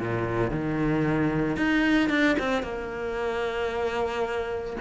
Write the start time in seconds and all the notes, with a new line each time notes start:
0.00 A#2
0.51 D#3
1.57 D#4
2.10 D4
2.40 C4
2.63 A#3